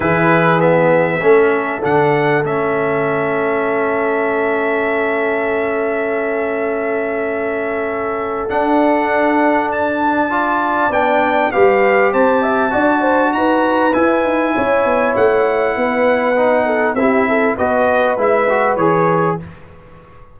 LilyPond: <<
  \new Staff \with { instrumentName = "trumpet" } { \time 4/4 \tempo 4 = 99 b'4 e''2 fis''4 | e''1~ | e''1~ | e''2 fis''2 |
a''2 g''4 f''4 | a''2 ais''4 gis''4~ | gis''4 fis''2. | e''4 dis''4 e''4 cis''4 | }
  \new Staff \with { instrumentName = "horn" } { \time 4/4 gis'2 a'2~ | a'1~ | a'1~ | a'1~ |
a'4 d''2 b'4 | c''8 e''8 d''8 c''8 b'2 | cis''2 b'4. a'8 | g'8 a'8 b'2. | }
  \new Staff \with { instrumentName = "trombone" } { \time 4/4 e'4 b4 cis'4 d'4 | cis'1~ | cis'1~ | cis'2 d'2~ |
d'4 f'4 d'4 g'4~ | g'4 fis'2 e'4~ | e'2. dis'4 | e'4 fis'4 e'8 fis'8 gis'4 | }
  \new Staff \with { instrumentName = "tuba" } { \time 4/4 e2 a4 d4 | a1~ | a1~ | a2 d'2~ |
d'2 b4 g4 | c'4 d'4 dis'4 e'8 dis'8 | cis'8 b8 a4 b2 | c'4 b4 gis4 e4 | }
>>